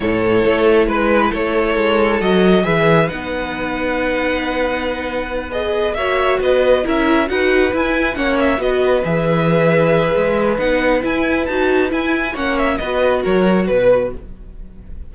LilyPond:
<<
  \new Staff \with { instrumentName = "violin" } { \time 4/4 \tempo 4 = 136 cis''2 b'4 cis''4~ | cis''4 dis''4 e''4 fis''4~ | fis''1~ | fis''8 dis''4 e''4 dis''4 e''8~ |
e''8 fis''4 gis''4 fis''8 e''8 dis''8~ | dis''8 e''2.~ e''8 | fis''4 gis''4 a''4 gis''4 | fis''8 e''8 dis''4 cis''4 b'4 | }
  \new Staff \with { instrumentName = "violin" } { \time 4/4 a'2 b'4 a'4~ | a'2 b'2~ | b'1~ | b'4. cis''4 b'4 ais'8~ |
ais'8 b'2 cis''4 b'8~ | b'1~ | b'1 | cis''4 b'4 ais'4 b'4 | }
  \new Staff \with { instrumentName = "viola" } { \time 4/4 e'1~ | e'4 fis'4 gis'4 dis'4~ | dis'1~ | dis'8 gis'4 fis'2 e'8~ |
e'8 fis'4 e'4 cis'4 fis'8~ | fis'8 gis'2.~ gis'8 | dis'4 e'4 fis'4 e'4 | cis'4 fis'2. | }
  \new Staff \with { instrumentName = "cello" } { \time 4/4 a,4 a4 gis4 a4 | gis4 fis4 e4 b4~ | b1~ | b4. ais4 b4 cis'8~ |
cis'8 dis'4 e'4 ais4 b8~ | b8 e2~ e8 gis4 | b4 e'4 dis'4 e'4 | ais4 b4 fis4 b,4 | }
>>